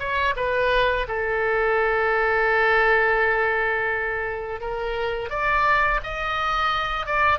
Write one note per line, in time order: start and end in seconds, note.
0.00 0.35 C#5
0.37 1.07 B4
1.08 4.61 A4
4.61 5.30 A#4
5.30 6.01 D5
6.04 7.07 D#5
7.07 7.39 D5